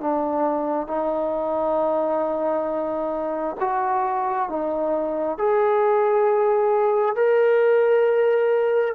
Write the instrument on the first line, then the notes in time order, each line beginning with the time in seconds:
trombone
0.00 D4
0.87 D#4
3.60 F#4
4.49 D#4
5.38 G#4
7.16 A#4